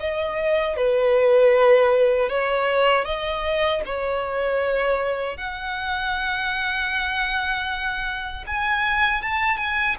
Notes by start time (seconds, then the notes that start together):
0.00 D#5
0.77 B4
2.29 C#5
3.05 D#5
3.86 C#5
5.37 F#5
8.47 G#5
9.22 A5
9.57 G#5